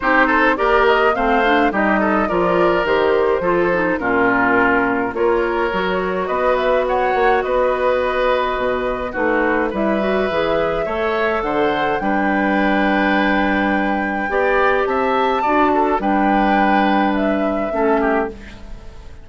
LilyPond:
<<
  \new Staff \with { instrumentName = "flute" } { \time 4/4 \tempo 4 = 105 c''4 d''8 dis''8 f''4 dis''4 | d''4 c''2 ais'4~ | ais'4 cis''2 dis''8 e''8 | fis''4 dis''2. |
b'4 e''2. | fis''4 g''2.~ | g''2 a''2 | g''2 e''2 | }
  \new Staff \with { instrumentName = "oboe" } { \time 4/4 g'8 a'8 ais'4 c''4 g'8 a'8 | ais'2 a'4 f'4~ | f'4 ais'2 b'4 | cis''4 b'2. |
fis'4 b'2 cis''4 | c''4 b'2.~ | b'4 d''4 e''4 d''8 a'8 | b'2. a'8 g'8 | }
  \new Staff \with { instrumentName = "clarinet" } { \time 4/4 dis'4 g'4 c'8 d'8 dis'4 | f'4 g'4 f'8 dis'8 cis'4~ | cis'4 f'4 fis'2~ | fis'1 |
dis'4 e'8 fis'8 gis'4 a'4~ | a'4 d'2.~ | d'4 g'2 fis'4 | d'2. cis'4 | }
  \new Staff \with { instrumentName = "bassoon" } { \time 4/4 c'4 ais4 a4 g4 | f4 dis4 f4 ais,4~ | ais,4 ais4 fis4 b4~ | b8 ais8 b2 b,4 |
a4 g4 e4 a4 | d4 g2.~ | g4 b4 c'4 d'4 | g2. a4 | }
>>